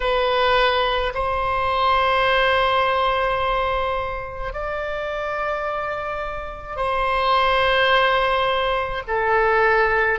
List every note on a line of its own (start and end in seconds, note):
0.00 1.13 B4
1.14 4.53 C5
4.53 6.76 D5
6.76 9.03 C5
9.07 10.19 A4